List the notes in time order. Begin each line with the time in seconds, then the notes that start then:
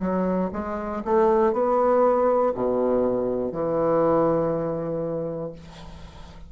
0.00 F#3
0.52 G#3
1.05 A3
1.52 B3
2.54 B2
3.52 E3